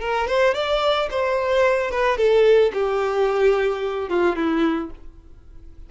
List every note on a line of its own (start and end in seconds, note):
0.00 0.27 A#4
0.27 0.54 C5
0.54 1.09 D5
1.10 1.91 C5
1.91 2.17 B4
2.17 2.72 A4
2.73 4.09 G4
4.09 4.36 F4
4.36 4.90 E4